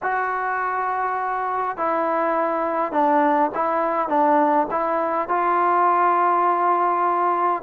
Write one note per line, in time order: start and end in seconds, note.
0.02 1.77 F#4
1.77 2.91 E4
2.91 3.50 D4
3.55 4.08 E4
4.08 4.67 D4
4.70 5.28 E4
5.28 7.62 F4